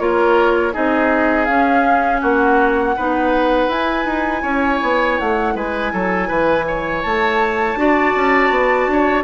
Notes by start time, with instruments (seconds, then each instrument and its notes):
0.00 bassoon A#3, clarinet F4, oboe A#4, flute C#5
0.73 bassoon C4, clarinet D#4, oboe G#4, flute D#5
1.46 bassoon C#4, clarinet C#4, flute F5
2.21 bassoon A#3, oboe F#4, flute F#5
2.97 bassoon B3, clarinet D#4, oboe B4
3.68 bassoon E4, clarinet E4, flute G#5
4.06 bassoon D#4
4.43 bassoon C#4, oboe C#5
4.83 bassoon B3
5.20 bassoon A3, flute F#5
5.55 bassoon G#3, oboe B4, flute G#5
5.94 bassoon F#3, oboe A4
6.28 bassoon E3, oboe B4
6.68 oboe C#5
7.02 bassoon A3, flute A5
7.76 bassoon D4, clarinet F#4, oboe D5
8.16 bassoon C#4
8.50 bassoon B3
8.88 bassoon D4, oboe C#5